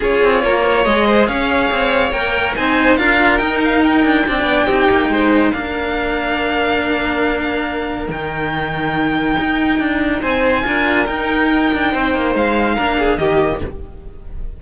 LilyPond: <<
  \new Staff \with { instrumentName = "violin" } { \time 4/4 \tempo 4 = 141 cis''2 dis''4 f''4~ | f''4 g''4 gis''4 f''4 | g''8 f''8 g''2.~ | g''4 f''2.~ |
f''2. g''4~ | g''1 | gis''2 g''2~ | g''4 f''2 dis''4 | }
  \new Staff \with { instrumentName = "violin" } { \time 4/4 gis'4 ais'8 cis''4 c''8 cis''4~ | cis''2 c''4 ais'4~ | ais'2 d''4 g'4 | c''4 ais'2.~ |
ais'1~ | ais'1 | c''4 ais'2. | c''2 ais'8 gis'8 g'4 | }
  \new Staff \with { instrumentName = "cello" } { \time 4/4 f'2 gis'2~ | gis'4 ais'4 dis'4 f'4 | dis'2 d'4 dis'4~ | dis'4 d'2.~ |
d'2. dis'4~ | dis'1~ | dis'4 f'4 dis'2~ | dis'2 d'4 ais4 | }
  \new Staff \with { instrumentName = "cello" } { \time 4/4 cis'8 c'8 ais4 gis4 cis'4 | c'4 ais4 c'4 d'4 | dis'4. d'8 c'8 b8 c'8 ais8 | gis4 ais2.~ |
ais2. dis4~ | dis2 dis'4 d'4 | c'4 d'4 dis'4. d'8 | c'8 ais8 gis4 ais4 dis4 | }
>>